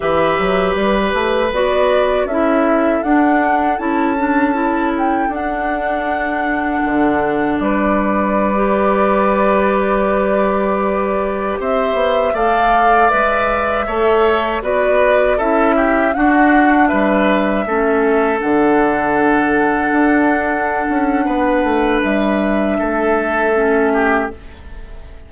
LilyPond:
<<
  \new Staff \with { instrumentName = "flute" } { \time 4/4 \tempo 4 = 79 e''4 b'4 d''4 e''4 | fis''4 a''4. g''8 fis''4~ | fis''2 d''2~ | d''2.~ d''16 e''8.~ |
e''16 f''4 e''2 d''8.~ | d''16 e''4 fis''4 e''4.~ e''16~ | e''16 fis''2.~ fis''8.~ | fis''4 e''2. | }
  \new Staff \with { instrumentName = "oboe" } { \time 4/4 b'2. a'4~ | a'1~ | a'2 b'2~ | b'2.~ b'16 c''8.~ |
c''16 d''2 cis''4 b'8.~ | b'16 a'8 g'8 fis'4 b'4 a'8.~ | a'1 | b'2 a'4. g'8 | }
  \new Staff \with { instrumentName = "clarinet" } { \time 4/4 g'2 fis'4 e'4 | d'4 e'8 d'8 e'4 d'4~ | d'2.~ d'16 g'8.~ | g'1~ |
g'16 a'4 b'4 a'4 fis'8.~ | fis'16 e'4 d'2 cis'8.~ | cis'16 d'2.~ d'8.~ | d'2. cis'4 | }
  \new Staff \with { instrumentName = "bassoon" } { \time 4/4 e8 fis8 g8 a8 b4 cis'4 | d'4 cis'2 d'4~ | d'4 d4 g2~ | g2.~ g16 c'8 b16~ |
b16 a4 gis4 a4 b8.~ | b16 cis'4 d'4 g4 a8.~ | a16 d2 d'4~ d'16 cis'8 | b8 a8 g4 a2 | }
>>